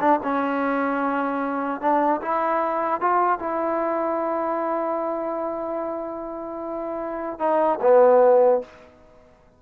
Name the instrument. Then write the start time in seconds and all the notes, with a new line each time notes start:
trombone
0.00 D4
0.23 C#4
1.81 D4
2.21 E4
3.00 F4
3.39 E4
7.39 D#4
7.81 B3